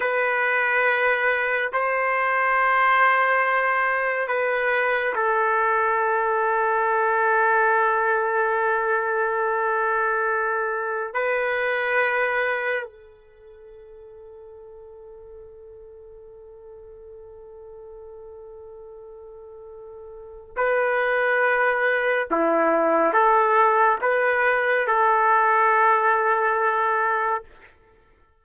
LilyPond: \new Staff \with { instrumentName = "trumpet" } { \time 4/4 \tempo 4 = 70 b'2 c''2~ | c''4 b'4 a'2~ | a'1~ | a'4 b'2 a'4~ |
a'1~ | a'1 | b'2 e'4 a'4 | b'4 a'2. | }